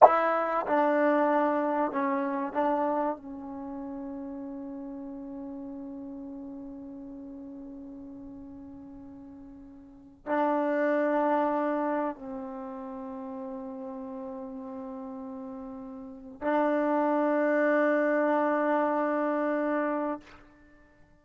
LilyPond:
\new Staff \with { instrumentName = "trombone" } { \time 4/4 \tempo 4 = 95 e'4 d'2 cis'4 | d'4 cis'2.~ | cis'1~ | cis'1~ |
cis'16 d'2. c'8.~ | c'1~ | c'2 d'2~ | d'1 | }